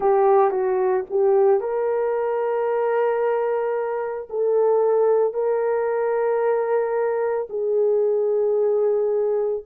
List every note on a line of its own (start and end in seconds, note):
0.00 0.50 G4
0.50 1.04 F#4
1.10 1.60 G4
1.60 4.28 A#4
4.29 5.33 A4
5.33 7.47 A#4
7.49 9.63 G#4